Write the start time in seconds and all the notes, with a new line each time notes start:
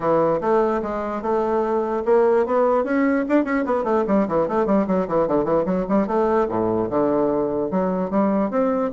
0.00 E3
0.40 A3
0.82 G#3
1.22 A3
2.05 A#3
2.45 B3
2.84 C#4
3.28 D4
3.44 C#4
3.65 B3
3.83 A3
4.07 G3
4.28 E3
4.47 A3
4.66 G3
4.87 F#3
5.07 E3
5.27 D3
5.44 E3
5.65 F#3
5.88 G3
6.07 A3
6.48 A2
6.90 D3
7.70 F#3
8.10 G3
8.50 C4